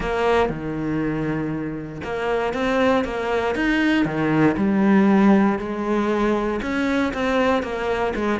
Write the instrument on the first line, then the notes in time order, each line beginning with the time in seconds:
cello
0.00 A#3
0.49 D#3
2.03 A#3
2.53 C4
3.04 A#3
3.55 D#4
4.05 D#3
4.56 G3
5.58 G#3
6.61 C#4
7.13 C4
7.62 A#3
8.15 G#3